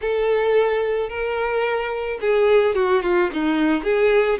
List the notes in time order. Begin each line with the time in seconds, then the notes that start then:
0.01 A4
1.09 A#4
2.20 G#4
2.75 F#4
3.02 F4
3.33 D#4
3.83 G#4